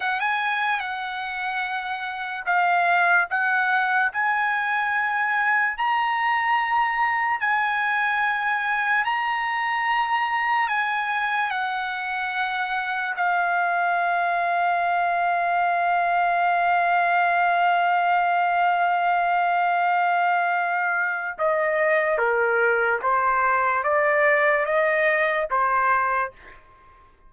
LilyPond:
\new Staff \with { instrumentName = "trumpet" } { \time 4/4 \tempo 4 = 73 fis''16 gis''8. fis''2 f''4 | fis''4 gis''2 ais''4~ | ais''4 gis''2 ais''4~ | ais''4 gis''4 fis''2 |
f''1~ | f''1~ | f''2 dis''4 ais'4 | c''4 d''4 dis''4 c''4 | }